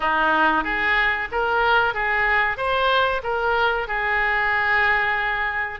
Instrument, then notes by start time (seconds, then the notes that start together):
oboe
0.00 D#4
0.64 G#4
1.31 A#4
1.94 G#4
2.57 C5
3.23 A#4
3.87 G#4